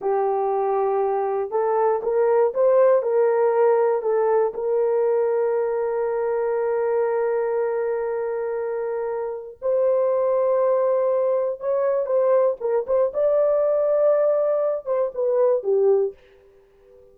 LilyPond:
\new Staff \with { instrumentName = "horn" } { \time 4/4 \tempo 4 = 119 g'2. a'4 | ais'4 c''4 ais'2 | a'4 ais'2.~ | ais'1~ |
ais'2. c''4~ | c''2. cis''4 | c''4 ais'8 c''8 d''2~ | d''4. c''8 b'4 g'4 | }